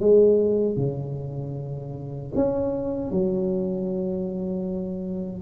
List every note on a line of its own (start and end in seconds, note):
0.00 0.77 G#3
0.77 2.32 C#3
2.36 3.11 C#4
3.11 5.42 F#3